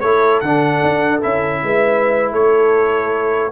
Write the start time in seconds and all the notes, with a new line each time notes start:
0.00 A3 E4 A4 C#5
0.41 D3 D4 F#5
0.83 D4
1.22 C#4 E4 E5
1.63 G#3 B4
2.32 A3 A4 C#5